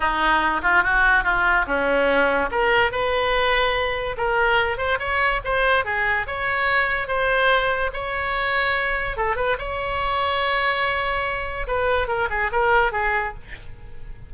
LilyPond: \new Staff \with { instrumentName = "oboe" } { \time 4/4 \tempo 4 = 144 dis'4. f'8 fis'4 f'4 | cis'2 ais'4 b'4~ | b'2 ais'4. c''8 | cis''4 c''4 gis'4 cis''4~ |
cis''4 c''2 cis''4~ | cis''2 a'8 b'8 cis''4~ | cis''1 | b'4 ais'8 gis'8 ais'4 gis'4 | }